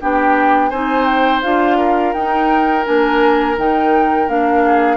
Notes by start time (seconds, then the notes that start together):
0.00 B3 D4 G4 G5
0.70 C4 D#4 C5 G#5
1.05 G5
1.42 D4 F4 F5
1.77 A#4
2.14 D#4 G5
2.85 A#3 D4 G#5
3.58 D#3 D#4 G5
4.28 A#3 D4 F5
4.65 G#4